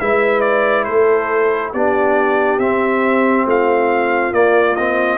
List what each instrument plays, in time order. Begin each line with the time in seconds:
0.00 tuba G#3, trombone E4, horn B4, trumpet E5
0.41 trumpet D5
0.85 tuba A3, horn A4, trumpet C5
1.73 tuba B3, trombone D4, horn G4, trumpet D5
2.59 tuba C4, trombone C4, trumpet E5
3.46 tuba A3, horn F4, trumpet F5
4.32 tuba A#3, trombone A#3, trumpet D5
4.76 trombone C4, trumpet D#5